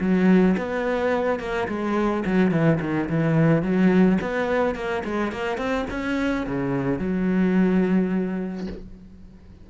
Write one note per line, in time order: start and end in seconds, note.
0.00 0.56 F#3
0.57 1.40 B3
1.40 1.68 A#3
1.68 2.24 G#3
2.26 2.51 F#3
2.51 2.79 E3
2.81 3.09 D#3
3.09 3.62 E3
3.62 4.19 F#3
4.22 4.75 B3
4.75 5.03 A#3
5.05 5.32 G#3
5.32 5.58 A#3
5.58 5.86 C4
5.90 6.46 C#4
6.46 6.99 C#3
6.99 8.67 F#3